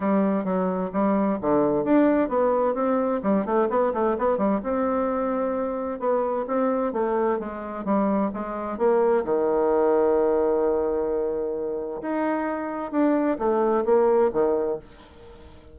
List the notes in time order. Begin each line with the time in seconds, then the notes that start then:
0.00 G3
0.44 F#3
0.92 G3
1.41 D3
1.84 D4
2.28 B3
2.74 C4
3.23 G3
3.45 A3
3.69 B3
3.93 A3
4.18 B3
4.37 G3
4.63 C4
5.99 B3
6.47 C4
6.93 A3
7.39 G#3
7.84 G3
8.33 G#3
8.78 A#3
9.24 D#3
12.01 D#4
12.91 D4
13.38 A3
13.85 A#3
14.32 D#3